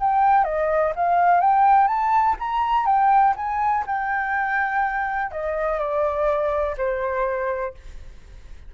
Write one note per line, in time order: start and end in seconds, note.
0.00 0.44 G5
0.44 0.93 D#5
0.95 1.41 F5
1.41 1.87 G5
1.87 2.36 A5
2.39 2.86 A#5
2.86 3.34 G5
3.36 3.84 G#5
3.87 5.31 G5
5.31 5.79 D#5
5.79 6.76 D5
6.77 7.74 C5